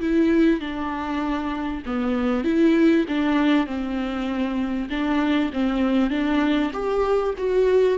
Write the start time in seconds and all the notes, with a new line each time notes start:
0.00 E4
0.60 D4
1.85 B3
2.44 E4
3.08 D4
3.66 C4
4.90 D4
5.53 C4
6.10 D4
6.73 G4
7.37 F#4